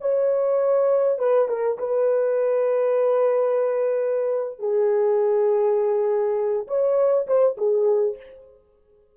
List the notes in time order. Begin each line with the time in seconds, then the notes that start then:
0.00 C#5
1.18 B4
1.48 A#4
1.78 B4
4.59 G#4
6.67 C#5
7.27 C5
7.57 G#4